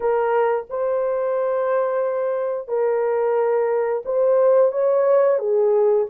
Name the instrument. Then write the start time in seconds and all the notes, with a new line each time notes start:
horn
0.00 A#4
0.69 C5
2.68 A#4
4.05 C5
4.72 C#5
5.38 G#4